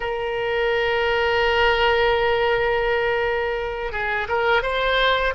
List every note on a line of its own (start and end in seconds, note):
0.00 3.92 A#4
3.92 4.27 G#4
4.28 4.62 A#4
4.62 5.33 C5